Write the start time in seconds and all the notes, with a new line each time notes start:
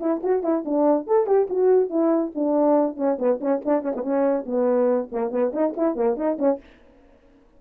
0.00 E4
0.23 F#4
0.43 E4
0.65 D4
1.07 A4
1.26 G4
1.50 F#4
1.90 E4
2.35 D4
2.97 C#4
3.18 B3
3.40 C#4
3.65 D4
3.82 C#4
3.95 B3
4.02 C#4
4.46 B3
5.12 A#3
5.31 B3
5.53 D#4
5.76 E4
5.95 A#3
6.16 D#4
6.39 C#4